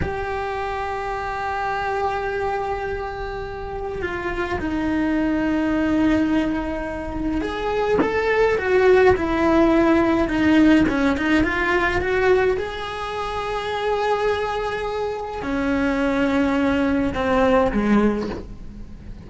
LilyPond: \new Staff \with { instrumentName = "cello" } { \time 4/4 \tempo 4 = 105 g'1~ | g'2. f'4 | dis'1~ | dis'4 gis'4 a'4 fis'4 |
e'2 dis'4 cis'8 dis'8 | f'4 fis'4 gis'2~ | gis'2. cis'4~ | cis'2 c'4 gis4 | }